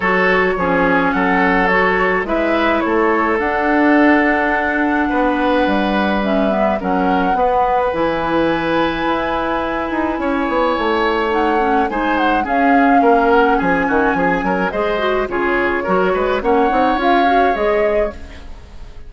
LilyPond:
<<
  \new Staff \with { instrumentName = "flute" } { \time 4/4 \tempo 4 = 106 cis''2 fis''4 cis''4 | e''4 cis''4 fis''2~ | fis''2. e''4 | fis''2 gis''2~ |
gis''1 | fis''4 gis''8 fis''8 f''4. fis''8 | gis''2 dis''4 cis''4~ | cis''4 fis''4 f''4 dis''4 | }
  \new Staff \with { instrumentName = "oboe" } { \time 4/4 a'4 gis'4 a'2 | b'4 a'2.~ | a'4 b'2. | ais'4 b'2.~ |
b'2 cis''2~ | cis''4 c''4 gis'4 ais'4 | gis'8 fis'8 gis'8 ais'8 c''4 gis'4 | ais'8 b'8 cis''2. | }
  \new Staff \with { instrumentName = "clarinet" } { \time 4/4 fis'4 cis'2 fis'4 | e'2 d'2~ | d'2. cis'8 b8 | cis'4 b4 e'2~ |
e'1 | dis'8 cis'8 dis'4 cis'2~ | cis'2 gis'8 fis'8 f'4 | fis'4 cis'8 dis'8 f'8 fis'8 gis'4 | }
  \new Staff \with { instrumentName = "bassoon" } { \time 4/4 fis4 f4 fis2 | gis4 a4 d'2~ | d'4 b4 g2 | fis4 b4 e2 |
e'4. dis'8 cis'8 b8 a4~ | a4 gis4 cis'4 ais4 | f8 dis8 f8 fis8 gis4 cis4 | fis8 gis8 ais8 c'8 cis'4 gis4 | }
>>